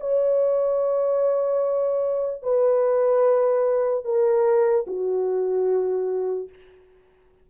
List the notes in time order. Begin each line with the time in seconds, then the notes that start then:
0.00 C#5
2.43 B4
4.04 A#4
4.87 F#4